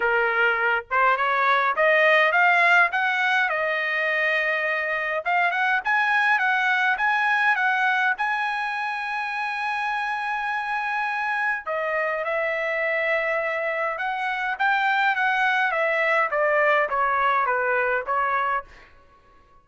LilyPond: \new Staff \with { instrumentName = "trumpet" } { \time 4/4 \tempo 4 = 103 ais'4. c''8 cis''4 dis''4 | f''4 fis''4 dis''2~ | dis''4 f''8 fis''8 gis''4 fis''4 | gis''4 fis''4 gis''2~ |
gis''1 | dis''4 e''2. | fis''4 g''4 fis''4 e''4 | d''4 cis''4 b'4 cis''4 | }